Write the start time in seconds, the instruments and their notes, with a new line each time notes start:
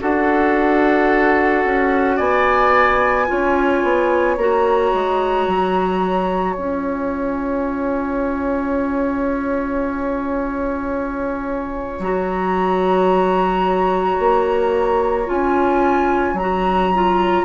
0.00 bassoon D4, clarinet F#4, oboe A4, flute F#5
1.65 bassoon C#4
2.17 bassoon B3, oboe D5, flute G#5
3.27 bassoon C#4, clarinet F4, oboe C#5
3.83 bassoon B3
4.37 bassoon A#3, clarinet F#4, flute A#5
4.94 bassoon G#3
5.47 bassoon F#3
6.54 bassoon C#4, clarinet F4, flute G#5
11.99 bassoon F#3, clarinet F#4, flute A#5
14.19 bassoon A#3
15.26 bassoon C#4, clarinet F4, flute G#5
16.34 bassoon F#3, flute A#5
16.40 clarinet F#4
16.94 clarinet F4